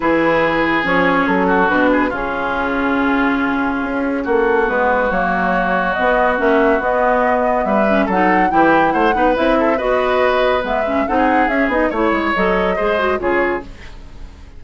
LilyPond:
<<
  \new Staff \with { instrumentName = "flute" } { \time 4/4 \tempo 4 = 141 b'2 cis''4 a'4 | b'4 gis'2.~ | gis'2 a'4 b'4 | cis''2 dis''4 e''4 |
dis''2 e''4 fis''4 | g''4 fis''4 e''4 dis''4~ | dis''4 e''4 fis''4 e''8 dis''8 | cis''4 dis''2 cis''4 | }
  \new Staff \with { instrumentName = "oboe" } { \time 4/4 gis'2.~ gis'8 fis'8~ | fis'8 gis'8 f'2.~ | f'2 fis'2~ | fis'1~ |
fis'2 b'4 a'4 | g'4 c''8 b'4 a'8 b'4~ | b'2 a'16 gis'4.~ gis'16 | cis''2 c''4 gis'4 | }
  \new Staff \with { instrumentName = "clarinet" } { \time 4/4 e'2 cis'2 | d'4 cis'2.~ | cis'2. b4 | ais2 b4 cis'4 |
b2~ b8 cis'8 dis'4 | e'4. dis'8 e'4 fis'4~ | fis'4 b8 cis'8 dis'4 cis'8 dis'8 | e'4 a'4 gis'8 fis'8 f'4 | }
  \new Staff \with { instrumentName = "bassoon" } { \time 4/4 e2 f4 fis4 | b,4 cis2.~ | cis4 cis'4 ais4 gis4 | fis2 b4 ais4 |
b2 g4 fis4 | e4 a8 b8 c'4 b4~ | b4 gis4 c'4 cis'8 b8 | a8 gis8 fis4 gis4 cis4 | }
>>